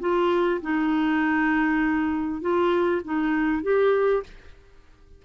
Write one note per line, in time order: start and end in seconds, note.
0.00 0.61 F4
0.62 2.41 D#4
2.41 3.02 F4
3.04 3.63 D#4
3.63 4.23 G4